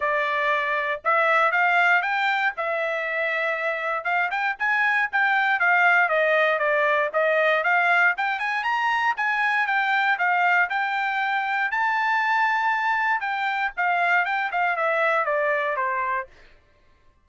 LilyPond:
\new Staff \with { instrumentName = "trumpet" } { \time 4/4 \tempo 4 = 118 d''2 e''4 f''4 | g''4 e''2. | f''8 g''8 gis''4 g''4 f''4 | dis''4 d''4 dis''4 f''4 |
g''8 gis''8 ais''4 gis''4 g''4 | f''4 g''2 a''4~ | a''2 g''4 f''4 | g''8 f''8 e''4 d''4 c''4 | }